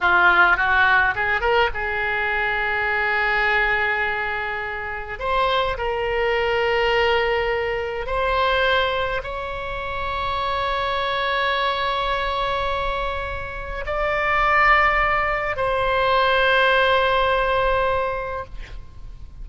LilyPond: \new Staff \with { instrumentName = "oboe" } { \time 4/4 \tempo 4 = 104 f'4 fis'4 gis'8 ais'8 gis'4~ | gis'1~ | gis'4 c''4 ais'2~ | ais'2 c''2 |
cis''1~ | cis''1 | d''2. c''4~ | c''1 | }